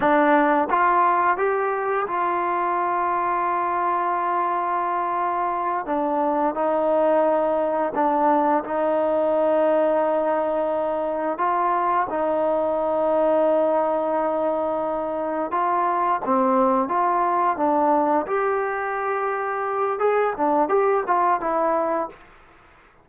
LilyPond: \new Staff \with { instrumentName = "trombone" } { \time 4/4 \tempo 4 = 87 d'4 f'4 g'4 f'4~ | f'1~ | f'8 d'4 dis'2 d'8~ | d'8 dis'2.~ dis'8~ |
dis'8 f'4 dis'2~ dis'8~ | dis'2~ dis'8 f'4 c'8~ | c'8 f'4 d'4 g'4.~ | g'4 gis'8 d'8 g'8 f'8 e'4 | }